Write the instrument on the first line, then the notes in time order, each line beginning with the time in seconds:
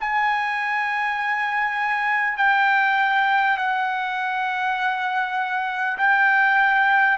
trumpet
0.00 G#5
2.37 G5
3.57 F#5
5.98 G5